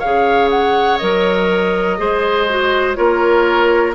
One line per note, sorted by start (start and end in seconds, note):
0.00 1.02 C#3
0.00 1.01 G#4
0.00 1.97 C#5
0.00 0.49 F5
0.51 0.98 F#5
0.98 2.00 F#3
0.98 1.98 A#4
0.98 2.95 D#5
1.98 2.98 G#3
1.98 2.48 G#4
1.98 2.98 C5
2.50 2.95 F#4
2.95 3.96 A#3
2.95 3.94 F4
2.95 3.96 A#4
2.95 3.94 C#5